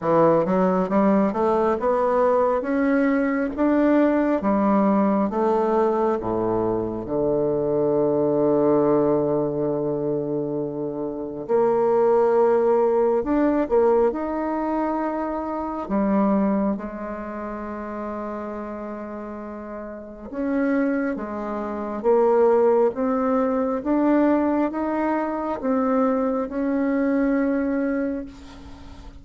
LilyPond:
\new Staff \with { instrumentName = "bassoon" } { \time 4/4 \tempo 4 = 68 e8 fis8 g8 a8 b4 cis'4 | d'4 g4 a4 a,4 | d1~ | d4 ais2 d'8 ais8 |
dis'2 g4 gis4~ | gis2. cis'4 | gis4 ais4 c'4 d'4 | dis'4 c'4 cis'2 | }